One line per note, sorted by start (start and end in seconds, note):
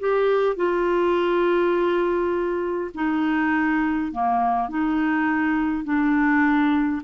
0.00 0.56 G4
0.56 2.91 F4
2.95 4.12 D#4
4.12 4.69 A#3
4.69 5.84 D#4
5.84 7.02 D4